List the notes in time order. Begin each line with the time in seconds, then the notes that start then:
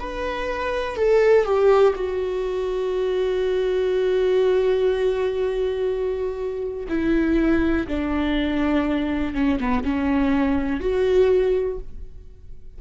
0.00 B4
0.97 A4
1.45 G4
1.96 F#4
6.89 E4
7.88 D4
9.35 C#4
9.60 B3
9.85 C#4
10.81 F#4